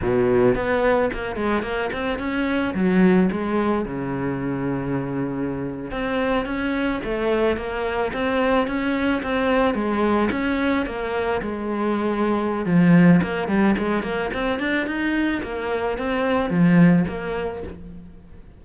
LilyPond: \new Staff \with { instrumentName = "cello" } { \time 4/4 \tempo 4 = 109 b,4 b4 ais8 gis8 ais8 c'8 | cis'4 fis4 gis4 cis4~ | cis2~ cis8. c'4 cis'16~ | cis'8. a4 ais4 c'4 cis'16~ |
cis'8. c'4 gis4 cis'4 ais16~ | ais8. gis2~ gis16 f4 | ais8 g8 gis8 ais8 c'8 d'8 dis'4 | ais4 c'4 f4 ais4 | }